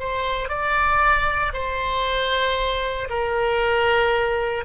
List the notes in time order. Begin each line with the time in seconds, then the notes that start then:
0.00 C5
0.49 D5
1.54 C5
3.10 A#4